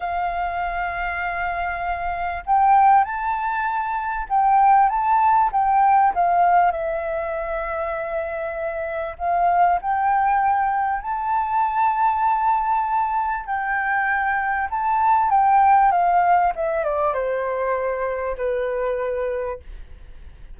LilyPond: \new Staff \with { instrumentName = "flute" } { \time 4/4 \tempo 4 = 98 f''1 | g''4 a''2 g''4 | a''4 g''4 f''4 e''4~ | e''2. f''4 |
g''2 a''2~ | a''2 g''2 | a''4 g''4 f''4 e''8 d''8 | c''2 b'2 | }